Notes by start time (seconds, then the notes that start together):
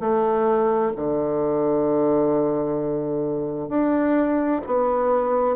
0.00 A3
0.96 D3
3.69 D4
4.66 B3